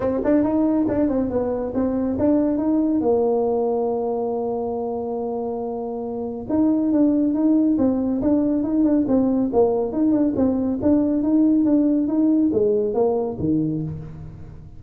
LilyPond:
\new Staff \with { instrumentName = "tuba" } { \time 4/4 \tempo 4 = 139 c'8 d'8 dis'4 d'8 c'8 b4 | c'4 d'4 dis'4 ais4~ | ais1~ | ais2. dis'4 |
d'4 dis'4 c'4 d'4 | dis'8 d'8 c'4 ais4 dis'8 d'8 | c'4 d'4 dis'4 d'4 | dis'4 gis4 ais4 dis4 | }